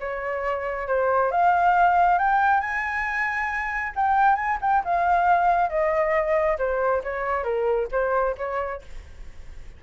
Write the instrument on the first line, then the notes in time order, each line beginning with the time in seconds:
flute
0.00 C#5
0.88 C5
1.31 F5
2.18 G5
2.60 G#5
3.95 G5
4.36 G#5
4.61 G5
4.84 F5
5.70 D#5
6.58 C5
7.04 C#5
7.44 A#4
7.92 C5
8.37 C#5